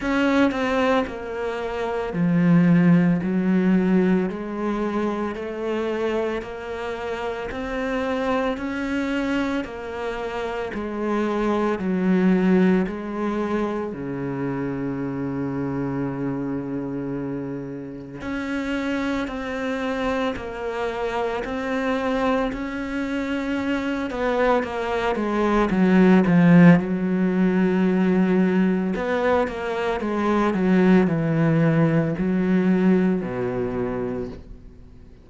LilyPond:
\new Staff \with { instrumentName = "cello" } { \time 4/4 \tempo 4 = 56 cis'8 c'8 ais4 f4 fis4 | gis4 a4 ais4 c'4 | cis'4 ais4 gis4 fis4 | gis4 cis2.~ |
cis4 cis'4 c'4 ais4 | c'4 cis'4. b8 ais8 gis8 | fis8 f8 fis2 b8 ais8 | gis8 fis8 e4 fis4 b,4 | }